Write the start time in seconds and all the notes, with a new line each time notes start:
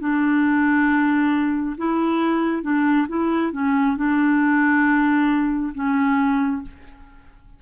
0.00 D4
1.77 E4
2.63 D4
3.08 E4
3.52 C#4
3.96 D4
5.74 C#4